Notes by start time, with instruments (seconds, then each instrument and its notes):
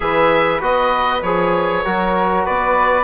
0.00 bassoon E3, trombone G#4, flute B4, oboe E5
0.60 bassoon B3, trombone F#4, oboe D#5
1.22 bassoon F3, trombone G#4, oboe C#5
1.84 bassoon F#3, trombone F#4, flute A#4
2.45 bassoon B3, flute B4, oboe D5